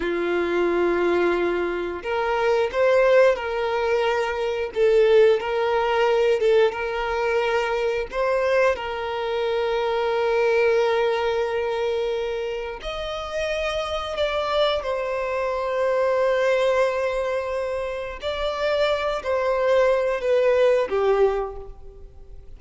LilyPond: \new Staff \with { instrumentName = "violin" } { \time 4/4 \tempo 4 = 89 f'2. ais'4 | c''4 ais'2 a'4 | ais'4. a'8 ais'2 | c''4 ais'2.~ |
ais'2. dis''4~ | dis''4 d''4 c''2~ | c''2. d''4~ | d''8 c''4. b'4 g'4 | }